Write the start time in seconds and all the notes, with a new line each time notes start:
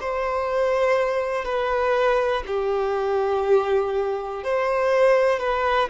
0.00 C5
1.44 B4
2.46 G4
4.43 C5
5.40 B4